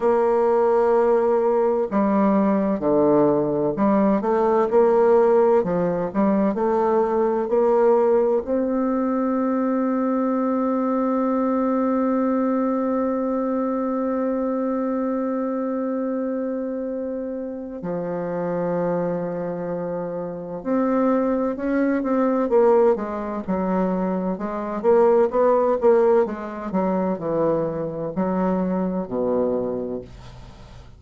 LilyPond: \new Staff \with { instrumentName = "bassoon" } { \time 4/4 \tempo 4 = 64 ais2 g4 d4 | g8 a8 ais4 f8 g8 a4 | ais4 c'2.~ | c'1~ |
c'2. f4~ | f2 c'4 cis'8 c'8 | ais8 gis8 fis4 gis8 ais8 b8 ais8 | gis8 fis8 e4 fis4 b,4 | }